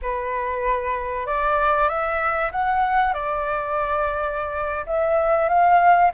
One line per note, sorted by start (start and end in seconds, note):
0.01 1.26 B4
1.26 1.88 D5
1.88 2.51 E5
2.51 3.13 F#5
3.13 4.85 D5
4.86 5.48 E5
5.48 6.11 F5